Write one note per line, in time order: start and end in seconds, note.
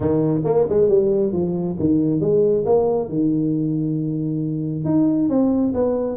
0.00 0.41 D#3
0.44 0.66 A#3
0.69 0.88 G#3
0.88 1.32 G3
1.32 1.76 F3
1.79 2.20 D#3
2.20 2.64 G#3
2.65 3.09 A#3
3.09 4.84 D#3
4.84 5.29 D#4
5.29 5.73 C4
5.74 6.16 B3